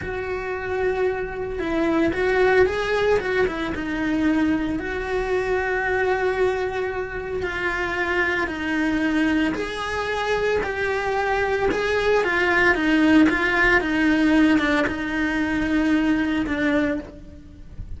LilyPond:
\new Staff \with { instrumentName = "cello" } { \time 4/4 \tempo 4 = 113 fis'2. e'4 | fis'4 gis'4 fis'8 e'8 dis'4~ | dis'4 fis'2.~ | fis'2 f'2 |
dis'2 gis'2 | g'2 gis'4 f'4 | dis'4 f'4 dis'4. d'8 | dis'2. d'4 | }